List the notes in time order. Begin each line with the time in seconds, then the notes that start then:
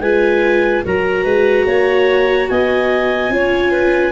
0.00 G#3 F4 B4 G#5
0.84 F#3 F#4 A#4 A#5
1.23 G#3 B4
1.66 A#3 C#5
2.49 B3 D#5 G#5
3.29 C#4 F4 C#5
3.71 B4